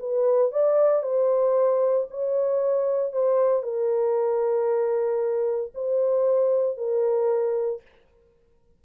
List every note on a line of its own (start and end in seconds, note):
0.00 0.52 B4
0.52 1.03 D5
1.03 2.07 C5
2.11 3.13 C#5
3.13 3.63 C5
3.63 5.72 A#4
5.75 6.77 C5
6.77 7.82 A#4